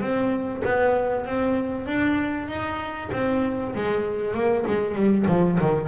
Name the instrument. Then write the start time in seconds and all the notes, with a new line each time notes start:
double bass
0.00 C4
0.64 B3
1.25 C4
1.86 D4
2.48 D#4
3.12 C4
3.75 G#3
4.34 A#3
4.67 G#3
4.95 G3
5.27 F3
5.60 D#3